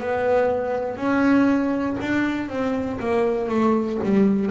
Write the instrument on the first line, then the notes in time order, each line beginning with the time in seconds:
double bass
0.00 B3
0.97 C#4
2.01 D4
2.49 C4
3.00 A#3
3.49 A3
4.04 G3